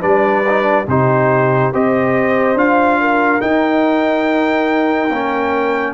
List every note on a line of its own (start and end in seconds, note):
0.00 0.86 G3
0.00 0.43 D4
0.00 0.85 B4
0.00 0.86 D5
0.49 0.62 D#4
0.62 0.83 D4
0.87 1.72 C3
0.87 1.73 D#4
0.87 1.72 G4
0.87 1.73 C5
1.72 2.54 C4
1.72 2.57 G4
1.72 2.99 C5
1.72 2.57 D#5
2.54 3.39 D4
2.54 3.40 F4
2.54 3.41 F5
3.01 5.93 A#4
3.40 5.09 D#4
3.40 5.10 D#4
3.40 5.93 G5
5.10 5.93 A#3
5.10 5.93 C#4